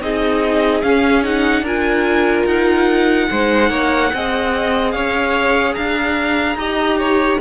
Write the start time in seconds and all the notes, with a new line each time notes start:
0.00 C4 D#4 G#4 D#5
0.82 C#4 F5
1.23 D#4 F#5
1.61 D4 F4 A#4
1.67 G#5
2.45 D#4 F#5
3.30 G#3 D#4 C5
3.70 A#3 C#5
4.13 C4 G#4 D#5
4.91 C#4 C#5 F5
5.74 D4 F5 A#5
6.55 D#4 G4 D#5
6.98 C#5